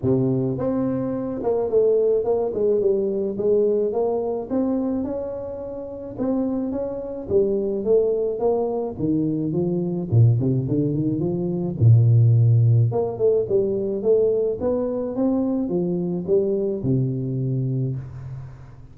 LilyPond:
\new Staff \with { instrumentName = "tuba" } { \time 4/4 \tempo 4 = 107 c4 c'4. ais8 a4 | ais8 gis8 g4 gis4 ais4 | c'4 cis'2 c'4 | cis'4 g4 a4 ais4 |
dis4 f4 ais,8 c8 d8 dis8 | f4 ais,2 ais8 a8 | g4 a4 b4 c'4 | f4 g4 c2 | }